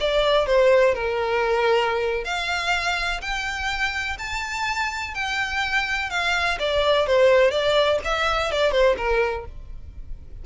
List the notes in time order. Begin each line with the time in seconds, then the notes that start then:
0.00 D5
0.46 C5
0.94 A#4
2.25 F5
3.21 G5
4.18 A5
5.14 G5
6.10 F5
6.59 D5
7.06 C5
7.51 D5
8.04 E5
8.52 D5
8.72 C5
8.97 A#4